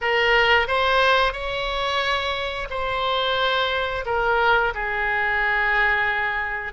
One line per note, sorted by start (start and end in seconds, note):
0.01 0.67 A#4
0.67 1.33 C5
1.33 2.68 C#5
2.70 4.04 C5
4.05 4.73 A#4
4.74 6.72 G#4